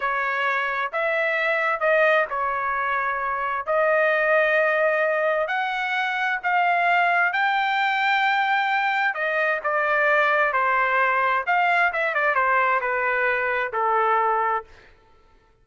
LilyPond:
\new Staff \with { instrumentName = "trumpet" } { \time 4/4 \tempo 4 = 131 cis''2 e''2 | dis''4 cis''2. | dis''1 | fis''2 f''2 |
g''1 | dis''4 d''2 c''4~ | c''4 f''4 e''8 d''8 c''4 | b'2 a'2 | }